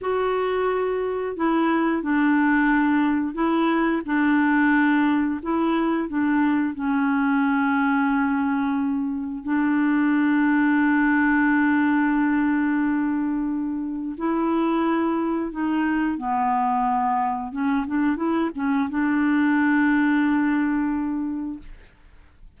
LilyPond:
\new Staff \with { instrumentName = "clarinet" } { \time 4/4 \tempo 4 = 89 fis'2 e'4 d'4~ | d'4 e'4 d'2 | e'4 d'4 cis'2~ | cis'2 d'2~ |
d'1~ | d'4 e'2 dis'4 | b2 cis'8 d'8 e'8 cis'8 | d'1 | }